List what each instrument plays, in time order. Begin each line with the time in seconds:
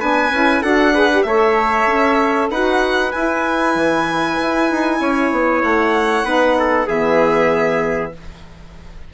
0.00 bassoon B3, saxophone D4, trumpet B4, violin G#5
0.31 bassoon C#4, saxophone E4
0.62 bassoon D4, saxophone F#4, trumpet A4, violin F#5
0.94 saxophone G#4, trumpet B4
1.12 saxophone G4
1.23 bassoon A3, trumpet C#5, violin E5
1.30 saxophone A4
1.87 bassoon C#4
2.50 bassoon D#4, saxophone F#4, trumpet B4, violin F#5
3.12 saxophone E4, bassoon E4, violin G#5
3.75 bassoon E3
4.42 bassoon E4
4.71 bassoon D#4
5.01 bassoon C#4, trumpet C#5
5.32 bassoon B3
5.63 bassoon A3, violin F#5
6.24 bassoon B3, saxophone D#4, trumpet B4
6.59 trumpet A4
6.88 bassoon E3, saxophone B3, trumpet G#4, violin E5